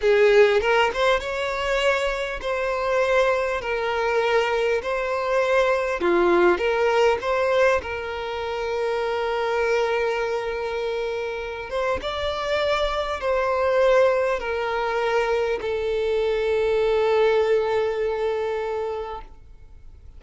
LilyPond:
\new Staff \with { instrumentName = "violin" } { \time 4/4 \tempo 4 = 100 gis'4 ais'8 c''8 cis''2 | c''2 ais'2 | c''2 f'4 ais'4 | c''4 ais'2.~ |
ais'2.~ ais'8 c''8 | d''2 c''2 | ais'2 a'2~ | a'1 | }